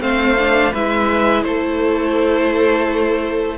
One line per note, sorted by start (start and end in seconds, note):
0.00 0.72 A3
0.00 0.36 C4
0.00 0.72 C5
0.00 0.73 F5
0.38 0.74 D4
0.72 1.44 G#3
0.72 3.58 E4
0.72 1.43 B4
0.72 1.43 E5
1.43 3.58 A3
1.43 3.58 A4
1.43 3.58 C5